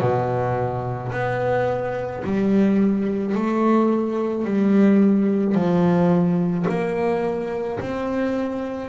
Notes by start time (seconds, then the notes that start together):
0.00 B2
1.12 B3
2.24 G3
3.34 A3
4.44 G3
5.55 F3
6.68 A#3
7.79 C4